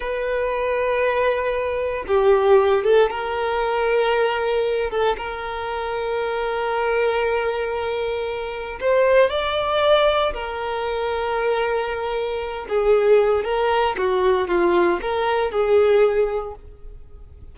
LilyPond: \new Staff \with { instrumentName = "violin" } { \time 4/4 \tempo 4 = 116 b'1 | g'4. a'8 ais'2~ | ais'4. a'8 ais'2~ | ais'1~ |
ais'4 c''4 d''2 | ais'1~ | ais'8 gis'4. ais'4 fis'4 | f'4 ais'4 gis'2 | }